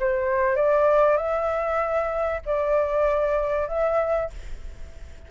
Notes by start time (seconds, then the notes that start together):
0.00 C5
0.56 D5
1.17 E5
2.46 D5
3.68 E5